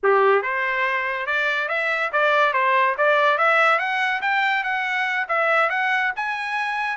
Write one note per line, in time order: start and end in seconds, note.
0.03 0.42 G4
0.42 1.26 C5
1.26 1.68 D5
1.68 2.10 E5
2.12 2.53 D5
2.53 2.95 C5
2.97 3.38 D5
3.38 3.78 E5
3.78 4.21 F#5
4.21 4.63 G5
4.63 5.26 F#5
5.28 5.69 E5
5.69 6.12 F#5
6.15 6.96 G#5